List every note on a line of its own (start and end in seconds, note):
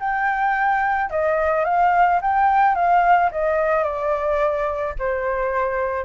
0.00 1.10 G5
1.10 1.65 D#5
1.65 2.20 F5
2.22 2.75 G5
2.75 3.31 F5
3.32 3.84 D#5
3.84 4.95 D5
4.99 6.06 C5